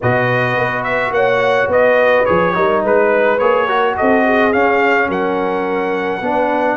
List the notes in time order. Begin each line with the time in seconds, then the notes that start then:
0.00 B2 F#4 B4 D#5
0.57 B3
0.83 E5
1.10 A#3 C#5 F#5
1.67 B3 B4 D#5
2.25 F3 G#4 C#5
2.54 G3 D#4 A#4
2.83 G#3 B4
3.38 A#3 G#4 C#5
3.66 F#4 A#4
3.96 C4 A4 D#5
4.24 G#4
4.52 C#4 F5
5.08 F#3 A#4 F#5
6.21 B3 D4 B4